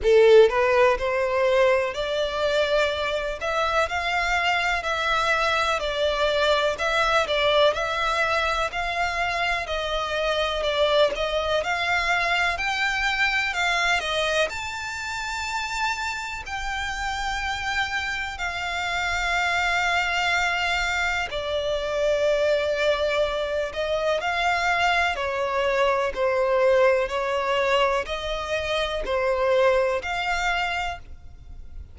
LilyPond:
\new Staff \with { instrumentName = "violin" } { \time 4/4 \tempo 4 = 62 a'8 b'8 c''4 d''4. e''8 | f''4 e''4 d''4 e''8 d''8 | e''4 f''4 dis''4 d''8 dis''8 | f''4 g''4 f''8 dis''8 a''4~ |
a''4 g''2 f''4~ | f''2 d''2~ | d''8 dis''8 f''4 cis''4 c''4 | cis''4 dis''4 c''4 f''4 | }